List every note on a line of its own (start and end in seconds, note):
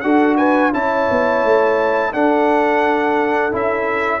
0.00 0.73 D4
0.00 0.72 F#4
0.00 0.37 A4
0.00 0.35 F#5
0.36 0.72 B4
0.36 0.71 G#5
0.72 1.08 C#4
0.72 2.12 E4
0.72 2.12 C#5
0.72 2.13 A5
1.10 1.44 B3
1.44 2.13 A3
2.12 3.51 D4
2.12 3.52 D4
2.12 4.20 A4
2.12 3.52 F#5
3.51 4.20 C#4
3.51 4.20 E4
3.51 4.20 E5